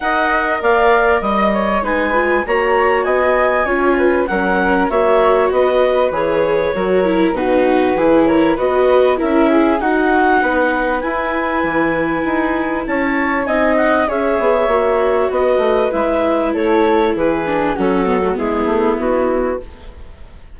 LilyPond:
<<
  \new Staff \with { instrumentName = "clarinet" } { \time 4/4 \tempo 4 = 98 fis''4 f''4 dis''4 gis''4 | ais''4 gis''2 fis''4 | e''4 dis''4 cis''2 | b'4. cis''8 dis''4 e''4 |
fis''2 gis''2~ | gis''4 a''4 gis''8 fis''8 e''4~ | e''4 dis''4 e''4 cis''4 | b'4 a'4 gis'4 fis'4 | }
  \new Staff \with { instrumentName = "flute" } { \time 4/4 dis''4 d''4 dis''8 cis''8 b'4 | cis''4 dis''4 cis''8 b'8 ais'4 | cis''4 b'2 ais'4 | fis'4 gis'8 ais'8 b'4 ais'8 gis'8 |
fis'4 b'2.~ | b'4 cis''4 dis''4 cis''4~ | cis''4 b'2 a'4 | gis'4 fis'4 e'2 | }
  \new Staff \with { instrumentName = "viola" } { \time 4/4 ais'2. dis'8 f'8 | fis'2 f'4 cis'4 | fis'2 gis'4 fis'8 e'8 | dis'4 e'4 fis'4 e'4 |
dis'2 e'2~ | e'2 dis'4 gis'4 | fis'2 e'2~ | e'8 d'8 cis'8 b16 a16 b2 | }
  \new Staff \with { instrumentName = "bassoon" } { \time 4/4 dis'4 ais4 g4 gis4 | ais4 b4 cis'4 fis4 | ais4 b4 e4 fis4 | b,4 e4 b4 cis'4 |
dis'4 b4 e'4 e4 | dis'4 cis'4 c'4 cis'8 b8 | ais4 b8 a8 gis4 a4 | e4 fis4 gis8 a8 b4 | }
>>